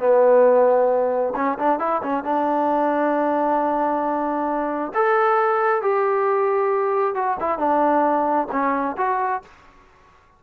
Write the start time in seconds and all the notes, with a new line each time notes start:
0.00 B3
1.36 C#4
1.59 D4
1.80 E4
2.04 C#4
2.24 D4
4.95 A4
5.82 G4
7.15 F#4
7.41 E4
7.59 D4
8.52 C#4
8.98 F#4